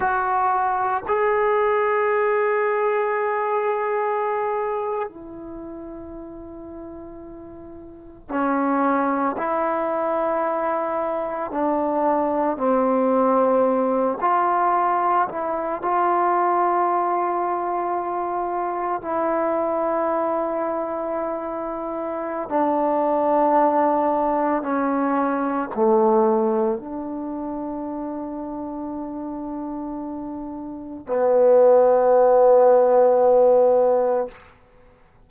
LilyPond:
\new Staff \with { instrumentName = "trombone" } { \time 4/4 \tempo 4 = 56 fis'4 gis'2.~ | gis'8. e'2. cis'16~ | cis'8. e'2 d'4 c'16~ | c'4~ c'16 f'4 e'8 f'4~ f'16~ |
f'4.~ f'16 e'2~ e'16~ | e'4 d'2 cis'4 | a4 d'2.~ | d'4 b2. | }